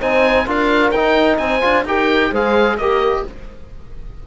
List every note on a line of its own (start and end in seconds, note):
0.00 0.47 C4
0.00 0.47 D#4
0.00 0.46 C5
0.00 0.48 G#5
0.47 0.92 D4
0.47 0.93 F4
0.47 1.40 A#4
0.47 0.91 F5
0.91 1.38 D#4
0.91 1.61 D#4
0.91 1.37 G5
1.38 1.62 C4
1.38 1.87 C5
1.38 1.84 G#5
1.61 1.85 D4
1.61 1.84 F4
1.85 2.31 D#4
1.85 2.33 G4
1.85 2.31 A#4
1.85 2.34 G5
2.31 2.77 G#3
2.31 2.80 G#4
2.31 2.77 C5
2.31 2.77 F5
2.77 3.24 A#3
2.77 3.27 G4
2.77 3.25 A#4
2.77 3.24 D#5